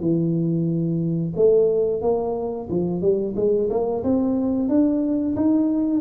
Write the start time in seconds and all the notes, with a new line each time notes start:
0.00 E3
1.36 A3
2.02 A#3
2.70 F3
3.02 G3
3.36 G#3
3.70 A#3
4.04 C4
4.69 D4
5.36 D#4